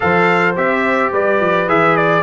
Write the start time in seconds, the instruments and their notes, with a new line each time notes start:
0.00 tuba F3, trombone A4, horn C5, trumpet F5
0.56 tuba C4, trombone G4, trumpet E5
1.11 tuba G3, horn B4, trumpet D5
1.40 tuba F3
1.67 tuba E3, trombone G#4, trumpet E5
1.96 trumpet D5